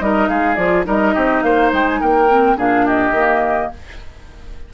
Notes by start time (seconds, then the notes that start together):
0.00 G3 D#4 A#4 D#5
0.28 G#3 G#4 F5
0.55 F3 F4 D5
0.85 G3 D#4 A#4 D#5
1.15 C4 G4
1.43 A#3 C5 F5
1.73 G#3 G5
1.89 G#5
2.00 A#3 A#4 G5
2.29 C4
2.57 A#2 D4 G#4 F5
2.86 G4 D#5
3.11 D#3 A#3